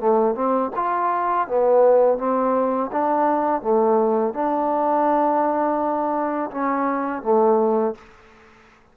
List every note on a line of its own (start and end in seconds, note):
0.00 0.35 A3
0.35 0.71 C4
0.76 1.48 F4
1.48 2.19 B3
2.19 2.91 C4
2.92 3.62 D4
3.62 4.34 A3
4.34 6.51 D4
6.52 7.23 C#4
7.23 7.95 A3